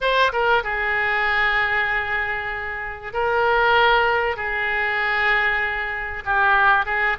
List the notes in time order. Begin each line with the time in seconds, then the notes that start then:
0.00 C5
0.32 A#4
0.63 G#4
3.13 A#4
4.36 G#4
6.25 G4
6.85 G#4